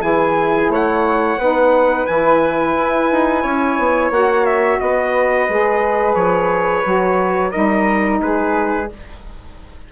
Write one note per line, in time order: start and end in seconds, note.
0.00 0.69 E3
0.00 1.36 E4
0.00 0.71 G#4
0.00 0.69 G#5
0.69 1.37 A3
0.69 1.38 C#5
0.69 2.06 F#5
1.38 2.06 B3
1.38 2.08 D#4
1.38 3.42 B4
2.06 2.75 E3
2.06 4.12 E4
2.06 4.11 G#5
2.75 3.09 E4
3.11 3.44 D#4
3.42 3.78 C#4
3.42 4.78 C#5
3.78 4.10 B3
4.10 4.78 A#3
4.10 5.48 F#4
4.10 4.46 F#5
4.46 4.80 E5
4.80 5.48 B3
4.80 7.51 B4
4.80 6.14 D#5
5.48 6.15 G#3
5.48 6.84 G#4
6.14 6.83 F3
6.14 7.51 C#5
6.84 7.53 F#3
6.84 7.52 F#4
7.51 8.21 G3
7.51 8.88 D#4
7.51 8.19 A#4
7.51 8.19 D#5
8.21 8.89 G#3
8.21 8.91 G#4
8.21 8.90 B4